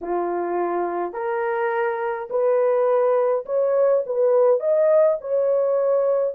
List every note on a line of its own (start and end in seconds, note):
0.01 1.12 F4
1.12 2.28 A#4
2.29 3.45 B4
3.45 4.03 C#5
4.06 4.59 B4
4.59 5.17 D#5
5.21 6.34 C#5